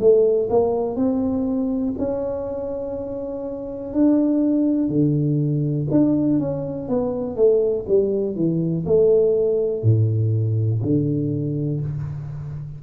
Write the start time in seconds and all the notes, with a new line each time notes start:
0.00 A3
0.50 A#3
0.96 C4
1.99 C#4
3.93 D4
4.89 D3
5.91 D4
6.40 C#4
6.89 B3
7.36 A3
7.88 G3
8.36 E3
8.86 A3
9.83 A2
10.82 D3